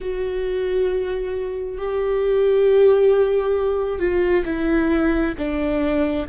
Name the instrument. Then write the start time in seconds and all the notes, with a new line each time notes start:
viola
0.00 F#4
1.77 G4
3.99 F4
4.45 E4
5.37 D4